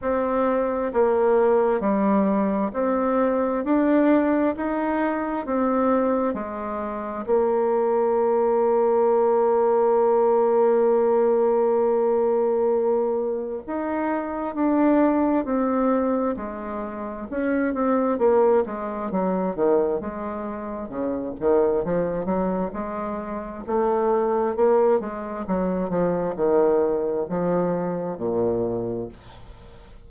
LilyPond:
\new Staff \with { instrumentName = "bassoon" } { \time 4/4 \tempo 4 = 66 c'4 ais4 g4 c'4 | d'4 dis'4 c'4 gis4 | ais1~ | ais2. dis'4 |
d'4 c'4 gis4 cis'8 c'8 | ais8 gis8 fis8 dis8 gis4 cis8 dis8 | f8 fis8 gis4 a4 ais8 gis8 | fis8 f8 dis4 f4 ais,4 | }